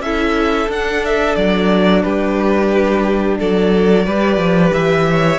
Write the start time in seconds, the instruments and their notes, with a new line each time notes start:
0.00 cello C#4, viola E4, violin A4 E5
0.69 cello D4, viola D4, violin F#5
1.05 violin E5
1.36 cello F#3, violin D5
2.03 cello G3, violin G4 B4
3.39 cello F#3, violin A4 D5
4.06 cello G3, viola G4, violin B4
4.37 cello F3
4.74 cello E3, violin E5
5.11 violin C#5